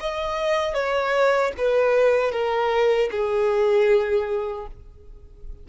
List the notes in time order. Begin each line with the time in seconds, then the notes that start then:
0.00 D#5
0.74 C#5
1.58 B4
2.32 A#4
3.11 G#4